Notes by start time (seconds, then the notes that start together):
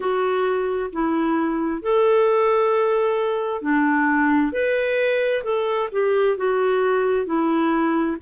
0.00 F#4
0.92 E4
1.81 A4
3.61 D4
4.52 B4
5.43 A4
5.92 G4
6.37 F#4
7.26 E4